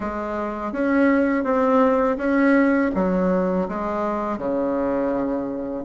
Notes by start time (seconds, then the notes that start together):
0.00 G#3
0.72 C#4
1.44 C4
2.18 C#4
2.94 F#3
3.68 G#3
4.38 C#3